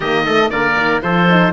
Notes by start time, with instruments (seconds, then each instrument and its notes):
0.00 cello D#3, horn A#3, trumpet G4, oboe D#5
0.25 horn A3, trumpet A4
0.50 cello D3, horn A#3, trumpet A#4, oboe D5
0.77 cello D#3
1.02 cello F3, horn F4, trumpet A4, oboe C5
1.29 horn D#4